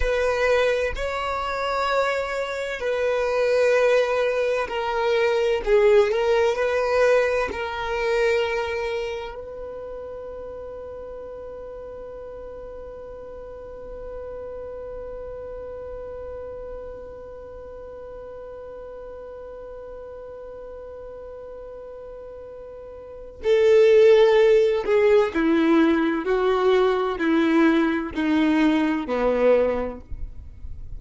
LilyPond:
\new Staff \with { instrumentName = "violin" } { \time 4/4 \tempo 4 = 64 b'4 cis''2 b'4~ | b'4 ais'4 gis'8 ais'8 b'4 | ais'2 b'2~ | b'1~ |
b'1~ | b'1~ | b'4 a'4. gis'8 e'4 | fis'4 e'4 dis'4 b4 | }